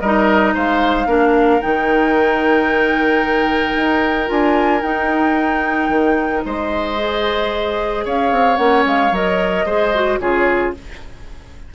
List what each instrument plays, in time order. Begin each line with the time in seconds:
0.00 bassoon G3, clarinet D#4, oboe A#4, flute D#5
0.54 bassoon G#3, oboe C5, flute F5
1.06 bassoon A#3, clarinet D4, oboe A#4
1.61 bassoon D#3, clarinet D#4, flute G5
3.75 bassoon D#4
4.26 bassoon D4, clarinet F4, flute G#5
4.82 bassoon D#4, clarinet D#4, flute G5
5.89 bassoon D#3
6.45 bassoon G#3, oboe C5, flute D#5
6.97 clarinet G#4
8.04 bassoon C#4, oboe C#5, flute F5
8.31 bassoon C4
8.56 bassoon A#3, clarinet C#4, flute F#5
8.85 bassoon G#3, flute F5
9.11 bassoon F#3, clarinet A#4, flute D#5
9.65 bassoon G#3, clarinet G#4, oboe C5
9.94 clarinet F#4
10.19 bassoon C#3, clarinet F4, oboe G#4, flute C#5